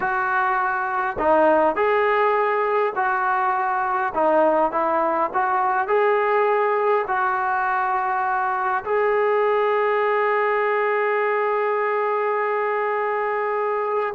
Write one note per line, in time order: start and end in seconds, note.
0.00 1.16 F#4
1.18 1.75 D#4
1.75 2.93 G#4
2.95 4.13 F#4
4.14 4.71 D#4
4.71 5.30 E4
5.33 5.87 F#4
5.87 7.05 G#4
7.07 8.84 F#4
8.84 14.13 G#4